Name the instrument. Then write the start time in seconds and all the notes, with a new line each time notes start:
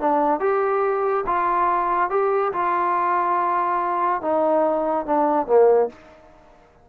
trombone
0.00 D4
0.40 G4
1.26 F4
2.10 G4
2.53 F4
4.22 D#4
5.06 D4
5.47 A#3